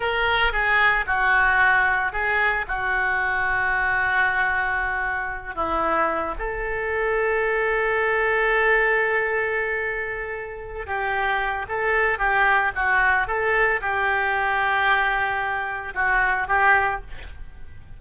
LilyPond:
\new Staff \with { instrumentName = "oboe" } { \time 4/4 \tempo 4 = 113 ais'4 gis'4 fis'2 | gis'4 fis'2.~ | fis'2~ fis'8 e'4. | a'1~ |
a'1~ | a'8 g'4. a'4 g'4 | fis'4 a'4 g'2~ | g'2 fis'4 g'4 | }